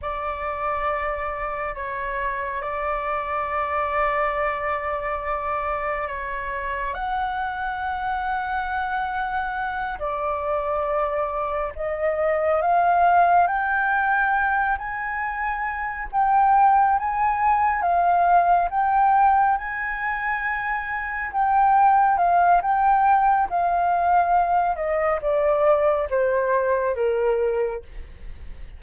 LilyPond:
\new Staff \with { instrumentName = "flute" } { \time 4/4 \tempo 4 = 69 d''2 cis''4 d''4~ | d''2. cis''4 | fis''2.~ fis''8 d''8~ | d''4. dis''4 f''4 g''8~ |
g''4 gis''4. g''4 gis''8~ | gis''8 f''4 g''4 gis''4.~ | gis''8 g''4 f''8 g''4 f''4~ | f''8 dis''8 d''4 c''4 ais'4 | }